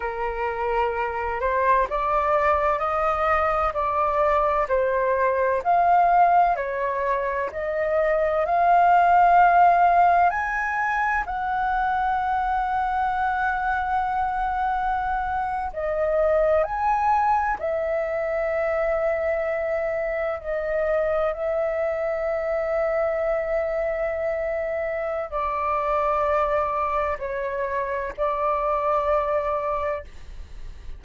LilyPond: \new Staff \with { instrumentName = "flute" } { \time 4/4 \tempo 4 = 64 ais'4. c''8 d''4 dis''4 | d''4 c''4 f''4 cis''4 | dis''4 f''2 gis''4 | fis''1~ |
fis''8. dis''4 gis''4 e''4~ e''16~ | e''4.~ e''16 dis''4 e''4~ e''16~ | e''2. d''4~ | d''4 cis''4 d''2 | }